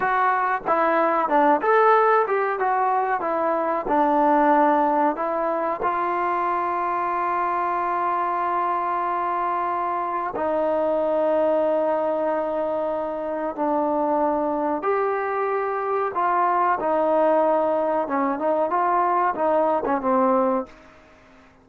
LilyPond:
\new Staff \with { instrumentName = "trombone" } { \time 4/4 \tempo 4 = 93 fis'4 e'4 d'8 a'4 g'8 | fis'4 e'4 d'2 | e'4 f'2.~ | f'1 |
dis'1~ | dis'4 d'2 g'4~ | g'4 f'4 dis'2 | cis'8 dis'8 f'4 dis'8. cis'16 c'4 | }